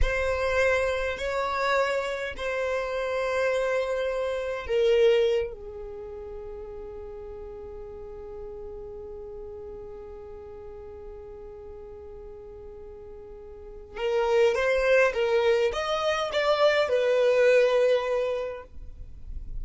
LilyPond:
\new Staff \with { instrumentName = "violin" } { \time 4/4 \tempo 4 = 103 c''2 cis''2 | c''1 | ais'4. gis'2~ gis'8~ | gis'1~ |
gis'1~ | gis'1 | ais'4 c''4 ais'4 dis''4 | d''4 b'2. | }